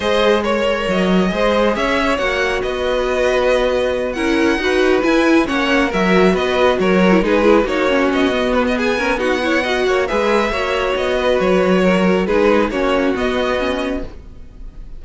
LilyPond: <<
  \new Staff \with { instrumentName = "violin" } { \time 4/4 \tempo 4 = 137 dis''4 cis''4 dis''2 | e''4 fis''4 dis''2~ | dis''4. fis''2 gis''8~ | gis''8 fis''4 e''4 dis''4 cis''8~ |
cis''8 b'4 cis''4 dis''4 b'16 dis''16 | gis''4 fis''2 e''4~ | e''4 dis''4 cis''2 | b'4 cis''4 dis''2 | }
  \new Staff \with { instrumentName = "violin" } { \time 4/4 c''4 cis''2 c''4 | cis''2 b'2~ | b'4. ais'4 b'4.~ | b'8 cis''4 ais'4 b'4 ais'8~ |
ais'8 gis'4 fis'2~ fis'8 | gis'8 ais'8 fis'8 cis''8 dis''8 cis''8 b'4 | cis''4. b'4. ais'4 | gis'4 fis'2. | }
  \new Staff \with { instrumentName = "viola" } { \time 4/4 gis'4 ais'2 gis'4~ | gis'4 fis'2.~ | fis'4. e'4 fis'4 e'8~ | e'8 cis'4 fis'2~ fis'8~ |
fis'16 e'16 dis'8 e'8 dis'8 cis'4 b4~ | b8 cis'8 dis'8 e'8 fis'4 gis'4 | fis'1 | dis'4 cis'4 b4 cis'4 | }
  \new Staff \with { instrumentName = "cello" } { \time 4/4 gis2 fis4 gis4 | cis'4 ais4 b2~ | b4. cis'4 dis'4 e'8~ | e'8 ais4 fis4 b4 fis8~ |
fis8 gis4 ais4 b4.~ | b2~ b8 ais8 gis4 | ais4 b4 fis2 | gis4 ais4 b2 | }
>>